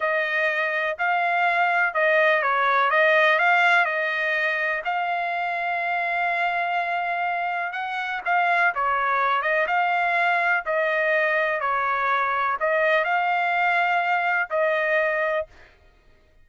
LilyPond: \new Staff \with { instrumentName = "trumpet" } { \time 4/4 \tempo 4 = 124 dis''2 f''2 | dis''4 cis''4 dis''4 f''4 | dis''2 f''2~ | f''1 |
fis''4 f''4 cis''4. dis''8 | f''2 dis''2 | cis''2 dis''4 f''4~ | f''2 dis''2 | }